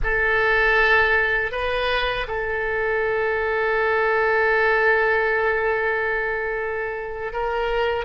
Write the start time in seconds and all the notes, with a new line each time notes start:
0.03 A4
1.51 B4
2.27 A4
7.33 A#4